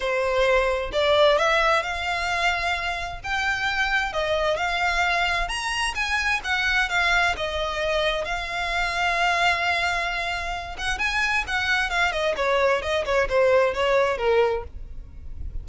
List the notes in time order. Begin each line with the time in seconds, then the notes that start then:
0.00 C5
0.92 D5
1.37 E5
1.82 F5
3.23 G5
4.12 D#5
4.56 F5
5.48 A#5
5.94 G#5
6.44 F#5
6.89 F5
7.36 D#5
8.24 F5
10.78 F#5
10.98 G#5
11.47 F#5
11.90 F5
12.11 D#5
12.36 C#5
12.82 D#5
13.05 C#5
13.28 C5
13.74 C#5
14.17 A#4